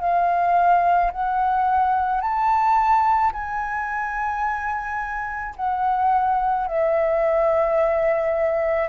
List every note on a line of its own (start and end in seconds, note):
0.00 1.11 F5
1.12 2.21 F#5
2.21 3.32 A5
3.33 5.55 G#5
5.56 6.67 F#5
6.67 8.89 E5